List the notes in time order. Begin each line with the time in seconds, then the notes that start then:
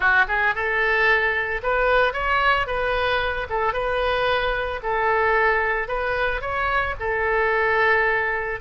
0.00 F#4
0.28 G#4
0.54 A4
1.62 B4
2.13 C#5
2.66 B4
3.49 A4
3.73 B4
4.83 A4
5.88 B4
6.41 C#5
6.99 A4